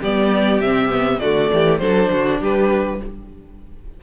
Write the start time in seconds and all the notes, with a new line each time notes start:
0.00 G3 B3 G4 D5
0.61 C3 C4 E5
0.89 B3
1.19 D3 A3 F#4 D5
1.52 E3 G4
1.78 F#3 D4 A4 C5
2.11 D3 F#4
2.41 G3 G4 B4